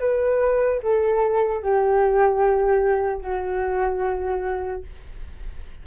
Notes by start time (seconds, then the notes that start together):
0.00 B4
0.83 A4
1.63 G4
3.21 F#4